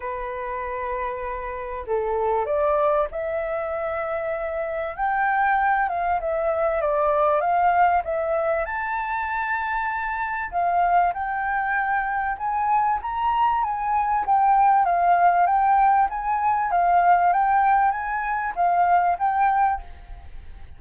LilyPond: \new Staff \with { instrumentName = "flute" } { \time 4/4 \tempo 4 = 97 b'2. a'4 | d''4 e''2. | g''4. f''8 e''4 d''4 | f''4 e''4 a''2~ |
a''4 f''4 g''2 | gis''4 ais''4 gis''4 g''4 | f''4 g''4 gis''4 f''4 | g''4 gis''4 f''4 g''4 | }